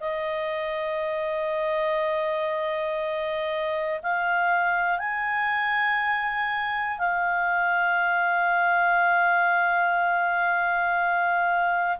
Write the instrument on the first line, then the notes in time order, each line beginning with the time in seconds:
clarinet
0.00 D#5
4.02 F5
4.98 G#5
6.98 F5